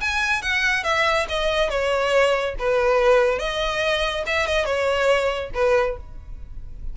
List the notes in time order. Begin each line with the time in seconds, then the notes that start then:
0.00 G#5
0.42 F#5
0.83 E5
1.29 D#5
1.69 C#5
2.58 B4
3.38 D#5
4.26 E5
4.46 D#5
4.65 C#5
5.54 B4